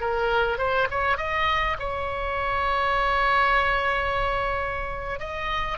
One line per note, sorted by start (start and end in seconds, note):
0.00 0.58 A#4
0.58 0.87 C5
0.90 1.17 C#5
1.17 1.76 D#5
1.79 5.19 C#5
5.19 5.78 D#5